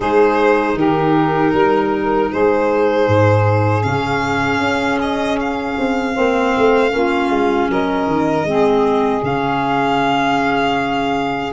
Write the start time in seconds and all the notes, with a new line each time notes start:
0.00 G#3 D#4 G#4 C5
0.75 D#3 G4 A#4
1.53 G3 A#4
2.31 G#3 G#4 C5
3.07 G#2
3.82 C#3 C#4 F5
4.58 C#4
5.00 D#5
5.39 F5
5.78 C4
6.14 A#3 C4 C5
6.57 A3
6.89 A#3 C#4 F4
7.29 G#3
7.69 F#3 A#4 D#5
8.06 D#3
8.44 G#3 C4 G#4
9.22 C#3 C#4 F5